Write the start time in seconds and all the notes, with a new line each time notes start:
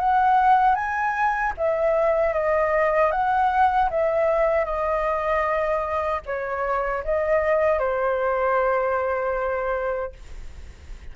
0.00 F#5
0.75 G#5
1.58 E5
2.34 D#5
3.12 F#5
3.91 E5
4.65 D#5
6.26 C#5
7.05 D#5
7.80 C5